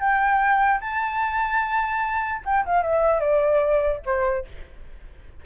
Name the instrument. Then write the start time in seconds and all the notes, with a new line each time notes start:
flute
0.00 G5
0.81 A5
2.45 G5
2.66 F5
2.83 E5
3.20 D5
4.06 C5